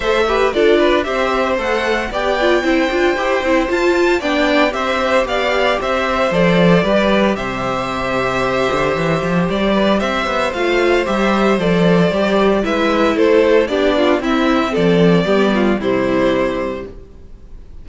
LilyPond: <<
  \new Staff \with { instrumentName = "violin" } { \time 4/4 \tempo 4 = 114 e''4 d''4 e''4 fis''4 | g''2. a''4 | g''4 e''4 f''4 e''4 | d''2 e''2~ |
e''2 d''4 e''4 | f''4 e''4 d''2 | e''4 c''4 d''4 e''4 | d''2 c''2 | }
  \new Staff \with { instrumentName = "violin" } { \time 4/4 c''8 b'8 a'8 b'8 c''2 | d''4 c''2. | d''4 c''4 d''4 c''4~ | c''4 b'4 c''2~ |
c''2~ c''8 b'8 c''4~ | c''1 | b'4 a'4 g'8 f'8 e'4 | a'4 g'8 f'8 e'2 | }
  \new Staff \with { instrumentName = "viola" } { \time 4/4 a'8 g'8 f'4 g'4 a'4 | g'8 f'8 e'8 f'8 g'8 e'8 f'4 | d'4 g'2. | a'4 g'2.~ |
g'1 | f'4 g'4 a'4 g'4 | e'2 d'4 c'4~ | c'4 b4 g2 | }
  \new Staff \with { instrumentName = "cello" } { \time 4/4 a4 d'4 c'4 a4 | b4 c'8 d'8 e'8 c'8 f'4 | b4 c'4 b4 c'4 | f4 g4 c2~ |
c8 d8 e8 f8 g4 c'8 b8 | a4 g4 f4 g4 | gis4 a4 b4 c'4 | f4 g4 c2 | }
>>